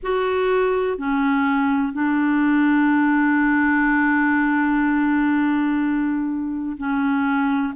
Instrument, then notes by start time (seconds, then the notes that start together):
clarinet
0.03 F#4
0.98 C#4
1.92 D4
6.77 C#4